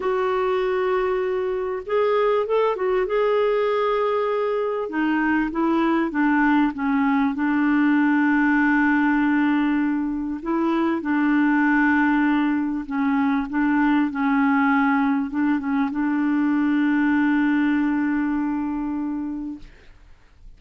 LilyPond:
\new Staff \with { instrumentName = "clarinet" } { \time 4/4 \tempo 4 = 98 fis'2. gis'4 | a'8 fis'8 gis'2. | dis'4 e'4 d'4 cis'4 | d'1~ |
d'4 e'4 d'2~ | d'4 cis'4 d'4 cis'4~ | cis'4 d'8 cis'8 d'2~ | d'1 | }